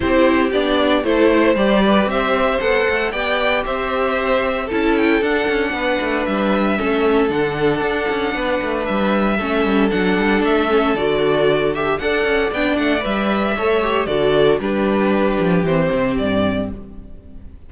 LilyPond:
<<
  \new Staff \with { instrumentName = "violin" } { \time 4/4 \tempo 4 = 115 c''4 d''4 c''4 d''4 | e''4 fis''4 g''4 e''4~ | e''4 a''8 g''8 fis''2 | e''2 fis''2~ |
fis''4 e''2 fis''4 | e''4 d''4. e''8 fis''4 | g''8 fis''8 e''2 d''4 | b'2 c''4 d''4 | }
  \new Staff \with { instrumentName = "violin" } { \time 4/4 g'2 a'8 c''4 b'8 | c''2 d''4 c''4~ | c''4 a'2 b'4~ | b'4 a'2. |
b'2 a'2~ | a'2. d''4~ | d''2 cis''4 a'4 | g'1 | }
  \new Staff \with { instrumentName = "viola" } { \time 4/4 e'4 d'4 e'4 g'4~ | g'4 a'4 g'2~ | g'4 e'4 d'2~ | d'4 cis'4 d'2~ |
d'2 cis'4 d'4~ | d'8 cis'8 fis'4. g'8 a'4 | d'4 b'4 a'8 g'8 fis'4 | d'2 c'2 | }
  \new Staff \with { instrumentName = "cello" } { \time 4/4 c'4 b4 a4 g4 | c'4 b8 a8 b4 c'4~ | c'4 cis'4 d'8 cis'8 b8 a8 | g4 a4 d4 d'8 cis'8 |
b8 a8 g4 a8 g8 fis8 g8 | a4 d2 d'8 cis'8 | b8 a8 g4 a4 d4 | g4. f8 e8 c8 g,4 | }
>>